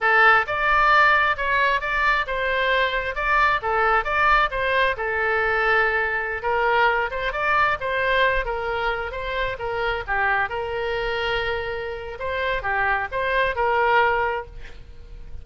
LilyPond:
\new Staff \with { instrumentName = "oboe" } { \time 4/4 \tempo 4 = 133 a'4 d''2 cis''4 | d''4 c''2 d''4 | a'4 d''4 c''4 a'4~ | a'2~ a'16 ais'4. c''16~ |
c''16 d''4 c''4. ais'4~ ais'16~ | ais'16 c''4 ais'4 g'4 ais'8.~ | ais'2. c''4 | g'4 c''4 ais'2 | }